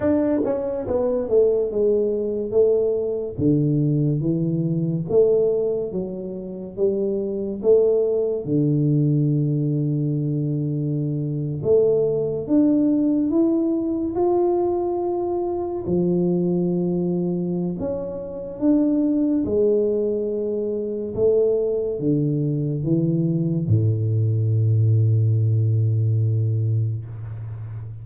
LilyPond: \new Staff \with { instrumentName = "tuba" } { \time 4/4 \tempo 4 = 71 d'8 cis'8 b8 a8 gis4 a4 | d4 e4 a4 fis4 | g4 a4 d2~ | d4.~ d16 a4 d'4 e'16~ |
e'8. f'2 f4~ f16~ | f4 cis'4 d'4 gis4~ | gis4 a4 d4 e4 | a,1 | }